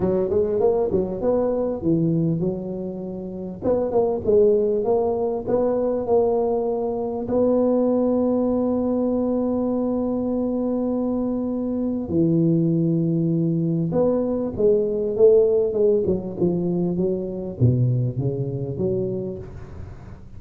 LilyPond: \new Staff \with { instrumentName = "tuba" } { \time 4/4 \tempo 4 = 99 fis8 gis8 ais8 fis8 b4 e4 | fis2 b8 ais8 gis4 | ais4 b4 ais2 | b1~ |
b1 | e2. b4 | gis4 a4 gis8 fis8 f4 | fis4 b,4 cis4 fis4 | }